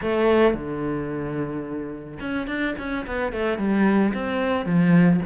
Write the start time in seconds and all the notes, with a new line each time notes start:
0.02 A3
0.54 D3
2.20 C#4
2.47 D4
2.78 C#4
3.06 B3
3.32 A3
3.58 G3
4.13 C4
4.65 F3